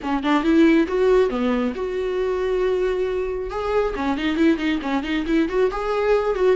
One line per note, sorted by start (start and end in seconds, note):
0.02 0.23 C#4
0.23 0.43 D4
0.43 0.87 E4
0.87 1.29 F#4
1.29 1.73 B3
1.75 3.50 F#4
3.50 3.94 G#4
3.95 4.17 C#4
4.17 4.36 D#4
4.36 4.57 E4
4.57 4.79 D#4
4.82 5.03 C#4
5.03 5.25 D#4
5.27 5.48 E4
5.48 5.70 F#4
5.71 6.35 G#4
6.35 6.56 F#4